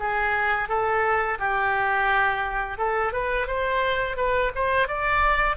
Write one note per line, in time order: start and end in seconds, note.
0.00 0.69 G#4
0.69 1.39 A4
1.39 2.78 G4
2.78 3.13 A4
3.13 3.48 B4
3.48 4.17 C5
4.17 4.52 B4
4.55 4.88 C5
4.88 5.57 D5